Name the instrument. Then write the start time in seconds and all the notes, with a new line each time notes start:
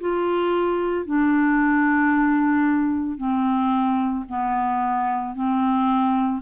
clarinet
0.00 F4
1.06 D4
3.17 C4
4.29 B3
5.35 C4